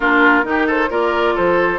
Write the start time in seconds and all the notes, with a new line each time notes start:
0.00 A#3 D4 F4 A#4
0.43 D#3 D#4 G4
0.67 A4 C5
0.89 A#3 F4 A#4 D5
1.34 F3 A4 C5